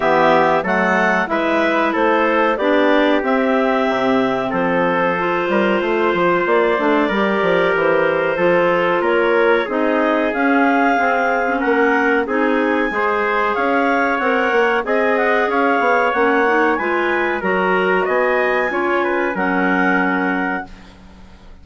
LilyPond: <<
  \new Staff \with { instrumentName = "clarinet" } { \time 4/4 \tempo 4 = 93 e''4 fis''4 e''4 c''4 | d''4 e''2 c''4~ | c''2 d''2 | c''2 cis''4 dis''4 |
f''2 fis''4 gis''4~ | gis''4 f''4 fis''4 gis''8 fis''8 | f''4 fis''4 gis''4 ais''4 | gis''2 fis''2 | }
  \new Staff \with { instrumentName = "trumpet" } { \time 4/4 g'4 a'4 b'4 a'4 | g'2. a'4~ | a'8 ais'8 c''2 ais'4~ | ais'4 a'4 ais'4 gis'4~ |
gis'2 ais'4 gis'4 | c''4 cis''2 dis''4 | cis''2 b'4 ais'4 | dis''4 cis''8 b'8 ais'2 | }
  \new Staff \with { instrumentName = "clarinet" } { \time 4/4 b4 a4 e'2 | d'4 c'2. | f'2~ f'8 d'8 g'4~ | g'4 f'2 dis'4 |
cis'4 c'8. cis'4~ cis'16 dis'4 | gis'2 ais'4 gis'4~ | gis'4 cis'8 dis'8 f'4 fis'4~ | fis'4 f'4 cis'2 | }
  \new Staff \with { instrumentName = "bassoon" } { \time 4/4 e4 fis4 gis4 a4 | b4 c'4 c4 f4~ | f8 g8 a8 f8 ais8 a8 g8 f8 | e4 f4 ais4 c'4 |
cis'4 c'4 ais4 c'4 | gis4 cis'4 c'8 ais8 c'4 | cis'8 b8 ais4 gis4 fis4 | b4 cis'4 fis2 | }
>>